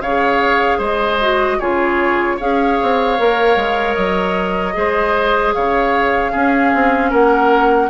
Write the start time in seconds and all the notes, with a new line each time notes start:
0.00 C#3 G#4 C#5 F5
0.78 G#3 C5
0.84 D#5
1.21 F#4
1.59 C#3 F4 G#4 C#5
2.37 C#4 G#4 C#5 F5
2.82 C4
3.18 A#3 A#4
3.56 G#3
3.94 F#3 D#5
4.73 G#3 G#4 C5
5.54 C#3 C#5 F5
6.31 C#4 G#4
6.74 C4
7.10 A#3 A#4 F#5